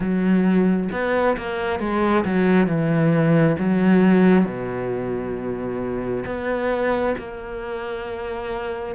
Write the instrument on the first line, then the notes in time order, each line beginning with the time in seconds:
cello
0.00 F#3
0.92 B3
1.37 A#3
1.79 G#3
2.24 F#3
2.66 E3
3.58 F#3
4.45 B2
6.25 B3
7.18 A#3